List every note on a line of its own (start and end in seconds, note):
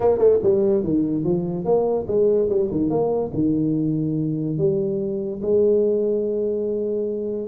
0.00 0.17 A#3
0.17 0.38 A3
0.43 0.83 G3
0.83 1.23 D#3
1.23 1.64 F3
1.64 2.06 A#3
2.07 2.49 G#3
2.49 2.70 G3
2.71 2.89 D#3
2.89 3.31 A#3
3.33 4.57 D#3
4.57 5.40 G3
5.42 7.47 G#3